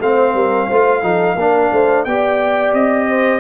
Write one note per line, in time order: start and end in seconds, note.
0.00 0.34 A3
0.00 0.71 C4
0.00 0.35 C5
0.00 2.05 F5
0.34 0.68 G3
0.34 0.68 A#4
0.68 1.03 A3
0.68 1.03 F4
0.68 1.02 C5
1.03 1.35 F3
1.03 1.37 D#4
1.03 1.37 A4
1.35 1.69 A#3
1.35 2.07 D4
1.35 1.73 A#4
1.72 2.06 A3
1.72 2.07 C5
2.05 2.73 B3
2.05 3.40 G4
2.05 3.09 D5
2.05 2.73 G5
2.73 3.40 C4
2.73 3.40 D#5
3.09 3.40 C5